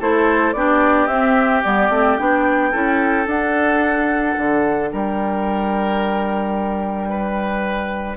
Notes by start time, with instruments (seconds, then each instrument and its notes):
0.00 bassoon A3, clarinet E4, oboe A4, flute C5
0.53 bassoon B3, clarinet D4, oboe G4, flute D5
1.07 bassoon C4, clarinet C4, flute E5
1.64 bassoon G3, clarinet B3, flute D5
1.89 bassoon A3, clarinet C4
2.17 bassoon B3, clarinet D4, flute G5
2.71 bassoon C#4, clarinet E4, oboe A4
3.26 bassoon D4, clarinet D4, flute F#5
4.37 bassoon D3
4.90 bassoon G3, oboe A#4, flute G5
7.09 oboe B4